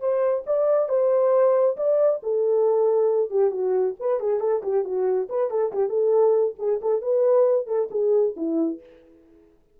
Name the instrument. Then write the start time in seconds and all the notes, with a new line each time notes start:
horn
0.00 C5
0.46 D5
0.89 C5
1.77 D5
2.23 A4
3.30 G4
3.51 F#4
4.00 B4
4.20 G#4
4.40 A4
4.63 G4
4.84 F#4
5.29 B4
5.50 A4
5.73 G4
5.89 A4
6.59 G#4
6.82 A4
7.02 B4
7.67 A4
7.91 G#4
8.36 E4